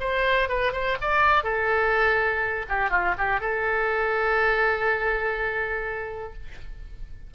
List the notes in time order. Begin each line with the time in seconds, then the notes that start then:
0.00 C5
0.49 B4
0.72 C5
1.01 D5
1.43 A4
2.69 G4
2.90 F4
3.18 G4
3.40 A4